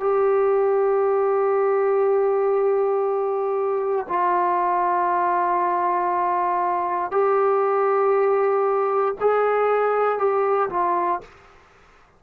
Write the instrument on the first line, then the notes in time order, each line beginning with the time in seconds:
trombone
0.00 G4
4.09 F4
7.11 G4
9.20 G#4
10.18 G4
10.70 F4